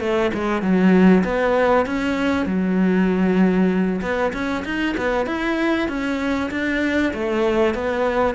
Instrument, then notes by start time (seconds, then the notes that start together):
cello
0.00 A3
0.34 G#3
0.62 F#3
1.25 B3
1.86 C#4
2.46 F#3
4.02 B3
4.33 C#4
4.65 D#4
4.98 B3
5.27 E4
5.89 C#4
6.51 D4
7.14 A3
7.75 B3